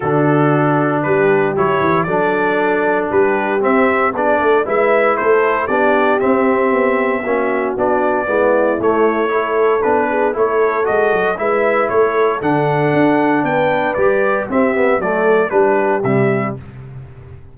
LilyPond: <<
  \new Staff \with { instrumentName = "trumpet" } { \time 4/4 \tempo 4 = 116 a'2 b'4 cis''4 | d''2 b'4 e''4 | d''4 e''4 c''4 d''4 | e''2. d''4~ |
d''4 cis''2 b'4 | cis''4 dis''4 e''4 cis''4 | fis''2 g''4 d''4 | e''4 d''4 b'4 e''4 | }
  \new Staff \with { instrumentName = "horn" } { \time 4/4 fis'2 g'2 | a'2 g'2 | gis'8 a'8 b'4 a'4 g'4~ | g'2 fis'2 |
e'2 a'4. gis'8 | a'2 b'4 a'4~ | a'2 b'2 | g'4 a'4 g'2 | }
  \new Staff \with { instrumentName = "trombone" } { \time 4/4 d'2. e'4 | d'2. c'4 | d'4 e'2 d'4 | c'2 cis'4 d'4 |
b4 a4 e'4 d'4 | e'4 fis'4 e'2 | d'2. g'4 | c'8 b8 a4 d'4 g4 | }
  \new Staff \with { instrumentName = "tuba" } { \time 4/4 d2 g4 fis8 e8 | fis2 g4 c'4 | b8 a8 gis4 a4 b4 | c'4 b4 ais4 b4 |
gis4 a2 b4 | a4 gis8 fis8 gis4 a4 | d4 d'4 b4 g4 | c'4 fis4 g4 c4 | }
>>